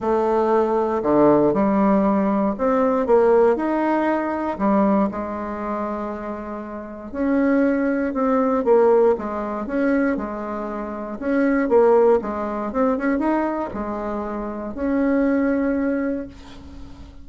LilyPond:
\new Staff \with { instrumentName = "bassoon" } { \time 4/4 \tempo 4 = 118 a2 d4 g4~ | g4 c'4 ais4 dis'4~ | dis'4 g4 gis2~ | gis2 cis'2 |
c'4 ais4 gis4 cis'4 | gis2 cis'4 ais4 | gis4 c'8 cis'8 dis'4 gis4~ | gis4 cis'2. | }